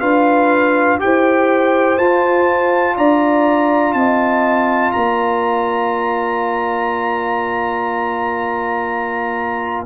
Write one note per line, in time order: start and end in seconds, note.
0.00 1.00 D4
0.00 0.99 F4
0.00 1.00 B4
0.00 0.98 F5
0.99 1.98 E4
0.99 1.97 G4
0.99 2.96 C5
0.99 1.98 G5
1.98 2.96 F4
1.98 9.86 F4
1.98 2.96 A5
2.96 3.94 D4
2.96 3.95 D5
2.96 3.93 A#5
3.93 4.92 C4
3.93 4.95 D#5
3.93 4.92 A5
4.92 9.86 A#3
4.92 9.86 D5
4.92 9.84 A#5